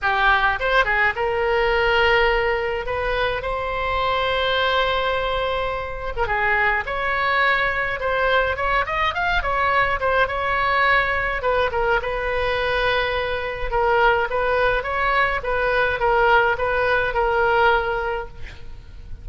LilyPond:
\new Staff \with { instrumentName = "oboe" } { \time 4/4 \tempo 4 = 105 g'4 c''8 gis'8 ais'2~ | ais'4 b'4 c''2~ | c''2~ c''8. ais'16 gis'4 | cis''2 c''4 cis''8 dis''8 |
f''8 cis''4 c''8 cis''2 | b'8 ais'8 b'2. | ais'4 b'4 cis''4 b'4 | ais'4 b'4 ais'2 | }